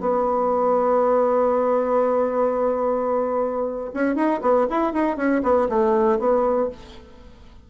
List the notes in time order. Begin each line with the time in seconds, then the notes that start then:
0.00 B3
3.94 C#4
4.15 D#4
4.41 B3
4.69 E4
4.93 D#4
5.16 C#4
5.43 B3
5.69 A3
6.19 B3